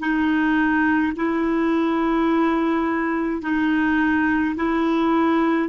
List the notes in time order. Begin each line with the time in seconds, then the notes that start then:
0.00 D#4
1.17 E4
3.42 D#4
4.56 E4